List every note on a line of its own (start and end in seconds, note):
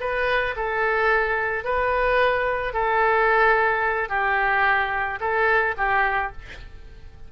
0.00 0.55 B4
0.56 1.64 A4
1.64 2.73 B4
2.73 4.09 A4
4.09 5.19 G4
5.20 5.75 A4
5.77 6.32 G4